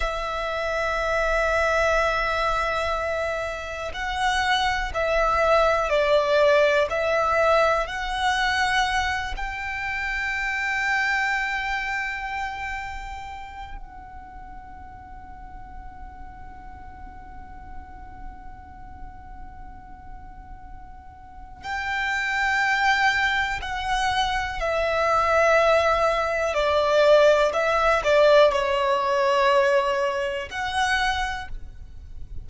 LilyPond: \new Staff \with { instrumentName = "violin" } { \time 4/4 \tempo 4 = 61 e''1 | fis''4 e''4 d''4 e''4 | fis''4. g''2~ g''8~ | g''2 fis''2~ |
fis''1~ | fis''2 g''2 | fis''4 e''2 d''4 | e''8 d''8 cis''2 fis''4 | }